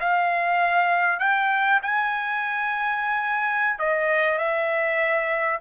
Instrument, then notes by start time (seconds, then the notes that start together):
trumpet
0.00 F5
1.20 G5
1.83 G#5
3.79 D#5
4.38 E5